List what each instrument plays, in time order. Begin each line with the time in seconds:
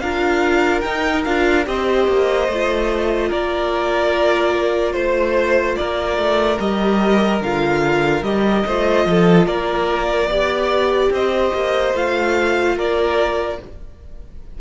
0.00 cello D4, viola F4, violin A#4 F5
0.81 viola D#4, cello D#4, violin G5
1.24 cello D4, viola F4, violin F5
1.65 cello C4, viola G4, violin C5 D#5
2.08 cello A#3
2.48 cello A3, viola F4
3.28 cello A#3, violin A#4 D5
4.93 cello A3, violin C5
5.76 cello A#3, violin A#4 D5
6.17 cello A3
6.58 cello G3, viola G4, violin D#5
7.41 cello D3, viola F4, violin F5
8.22 cello G3, viola G4, violin D#5
8.66 cello A3, viola F4, violin C5
9.06 cello F3, violin A4
9.46 cello A#3, violin A#4 D5
10.27 cello B3, viola G4, violin D5
11.10 cello C4, violin C5 D#5
11.54 cello A#3
11.94 cello A3, viola F4, violin F5
12.76 cello A#3, violin A#4 D5